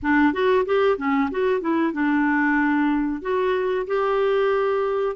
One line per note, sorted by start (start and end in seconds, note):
0.02 0.33 D4
0.33 0.65 F#4
0.65 0.97 G4
0.97 1.29 C#4
1.30 1.60 F#4
1.60 1.92 E4
1.92 3.21 D4
3.21 3.86 F#4
3.87 5.16 G4